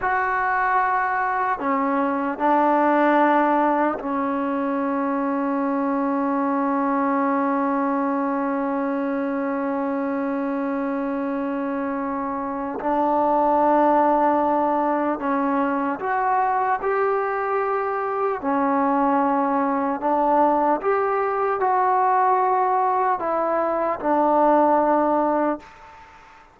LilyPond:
\new Staff \with { instrumentName = "trombone" } { \time 4/4 \tempo 4 = 75 fis'2 cis'4 d'4~ | d'4 cis'2.~ | cis'1~ | cis'1 |
d'2. cis'4 | fis'4 g'2 cis'4~ | cis'4 d'4 g'4 fis'4~ | fis'4 e'4 d'2 | }